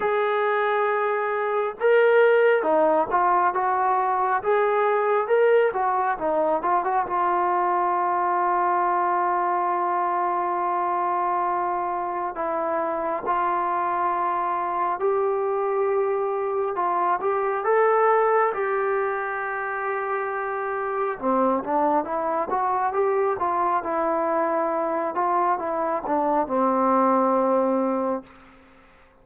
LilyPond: \new Staff \with { instrumentName = "trombone" } { \time 4/4 \tempo 4 = 68 gis'2 ais'4 dis'8 f'8 | fis'4 gis'4 ais'8 fis'8 dis'8 f'16 fis'16 | f'1~ | f'2 e'4 f'4~ |
f'4 g'2 f'8 g'8 | a'4 g'2. | c'8 d'8 e'8 fis'8 g'8 f'8 e'4~ | e'8 f'8 e'8 d'8 c'2 | }